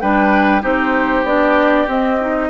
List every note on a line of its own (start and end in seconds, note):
0.00 0.63 G3
0.00 0.62 D4
0.00 0.62 B4
0.00 0.62 G5
0.62 1.24 C4
0.62 1.24 D#4
0.62 2.49 G4
0.62 1.26 C5
1.24 1.86 B3
1.24 1.88 D4
1.24 1.88 D5
1.87 2.49 C4
1.87 2.19 C4
1.87 2.49 D#5
2.20 2.49 D#4